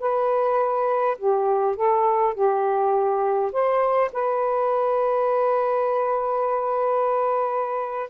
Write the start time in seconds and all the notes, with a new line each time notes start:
0.00 B4
1.18 G4
1.76 A4
2.34 G4
3.52 C5
4.13 B4